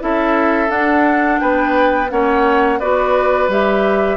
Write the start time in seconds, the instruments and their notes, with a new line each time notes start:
0.00 bassoon C#4, clarinet E4, oboe A4, flute E5
0.68 clarinet D4, bassoon D4, flute F#5
1.39 bassoon B3, oboe B4, flute G5
2.10 bassoon A#3, clarinet C#4, oboe C#5, flute F#5
2.79 bassoon B3, clarinet F#4, oboe B4, flute D5
3.48 bassoon G3, clarinet G4, flute E5